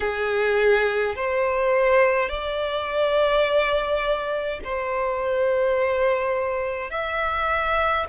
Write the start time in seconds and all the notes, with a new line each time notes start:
0.00 G#4
1.15 C5
2.29 D5
4.64 C5
6.90 E5